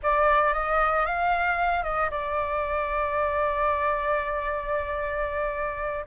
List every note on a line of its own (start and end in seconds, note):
0.03 0.53 D5
0.53 1.06 D#5
1.06 1.83 F5
1.83 2.10 D#5
2.10 6.05 D5